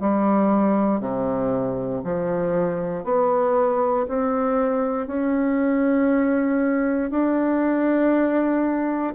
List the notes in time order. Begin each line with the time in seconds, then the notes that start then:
0.00 G3
1.00 C3
2.03 F3
3.04 B3
4.08 C4
5.07 C#4
7.10 D4